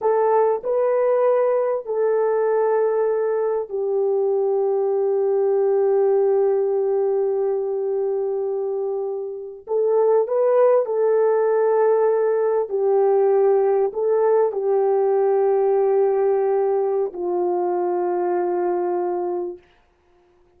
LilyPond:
\new Staff \with { instrumentName = "horn" } { \time 4/4 \tempo 4 = 98 a'4 b'2 a'4~ | a'2 g'2~ | g'1~ | g'2.~ g'8. a'16~ |
a'8. b'4 a'2~ a'16~ | a'8. g'2 a'4 g'16~ | g'1 | f'1 | }